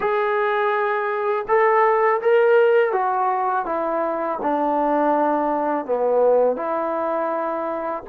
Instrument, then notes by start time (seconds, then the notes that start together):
trombone
0.00 G#4
1.47 A4
2.21 A#4
2.92 F#4
3.65 E4
4.42 D4
5.85 B3
6.56 E4